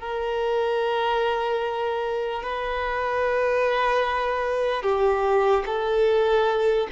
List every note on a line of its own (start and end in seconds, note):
0.00 2.43 A#4
2.43 4.83 B4
4.83 5.64 G4
5.66 6.87 A4